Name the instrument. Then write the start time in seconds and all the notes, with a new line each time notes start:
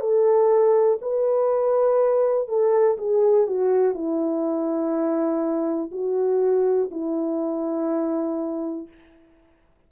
horn
0.00 A4
1.01 B4
2.48 A4
2.97 G#4
3.47 F#4
3.94 E4
5.91 F#4
6.91 E4